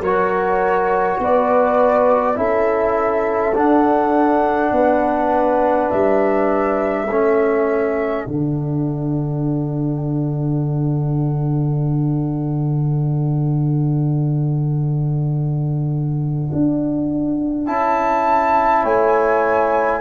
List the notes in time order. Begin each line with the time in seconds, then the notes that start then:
0.00 F#3 F#4 A#4 C#5
1.19 B3 B4 D5
2.36 C#4 E4 A4 E5
3.55 D4 F#5
4.72 B3 B4
5.91 G3 E5
7.08 A3 C#4 A4
8.26 D3 D4 F#5
16.53 D4
17.67 C#4 E4 A5
18.83 A3 C#5 G#5